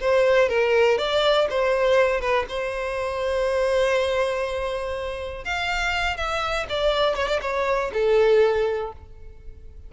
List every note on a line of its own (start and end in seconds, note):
0.00 0.48 C5
0.48 0.98 A#4
0.98 1.48 D5
1.50 2.21 C5
2.21 2.45 B4
2.48 5.44 C5
5.44 6.16 F5
6.16 6.66 E5
6.69 7.16 D5
7.16 7.28 C#5
7.28 7.40 D5
7.41 7.91 C#5
7.93 8.92 A4